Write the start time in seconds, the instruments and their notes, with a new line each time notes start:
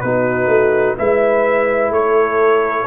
0.00 tuba B3, trombone D#4, horn F#4, trumpet B4
0.47 tuba A3
0.97 tuba G#3, trombone E4, horn B4, trumpet E5
1.90 tuba A3, horn A4, trumpet C#5